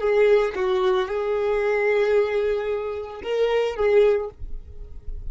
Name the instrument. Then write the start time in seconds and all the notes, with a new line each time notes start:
violin
0.00 G#4
0.55 F#4
1.08 G#4
3.23 A#4
3.76 G#4